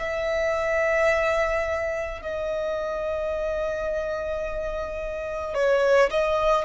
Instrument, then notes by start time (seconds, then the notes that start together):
violin
0.00 E5
2.22 D#5
5.55 C#5
6.11 D#5